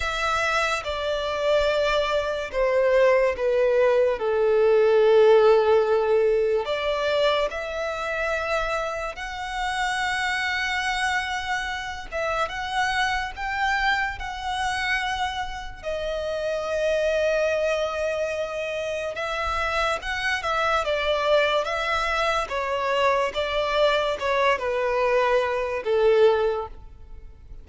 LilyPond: \new Staff \with { instrumentName = "violin" } { \time 4/4 \tempo 4 = 72 e''4 d''2 c''4 | b'4 a'2. | d''4 e''2 fis''4~ | fis''2~ fis''8 e''8 fis''4 |
g''4 fis''2 dis''4~ | dis''2. e''4 | fis''8 e''8 d''4 e''4 cis''4 | d''4 cis''8 b'4. a'4 | }